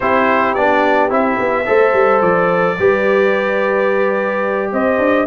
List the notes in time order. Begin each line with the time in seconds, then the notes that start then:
0.00 C4 E4 G4 C5
0.54 B3 D4 D5
1.09 C4 E4 E5
1.39 B3
1.65 A3 A4 C5
1.93 G3
2.21 F3 D5
2.78 G3 G4 B4
4.72 C4 C5 D#5
4.98 D4